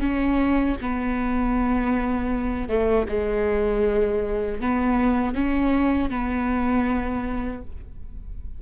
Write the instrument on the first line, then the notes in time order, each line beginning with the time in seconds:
viola
0.00 C#4
0.81 B3
2.68 A3
3.08 G#3
4.60 B3
5.34 C#4
6.10 B3